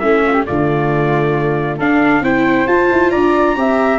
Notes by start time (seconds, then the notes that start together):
0.00 A3 C#4 E4 E5
0.27 F4
0.34 G4
0.46 D3 A3 F4 D5
1.78 D4 A4 F5
2.21 C4 E4 C5 G5
2.67 F4 A5
2.92 E4
3.11 D4 D5 A#5
3.56 C4 G4 E5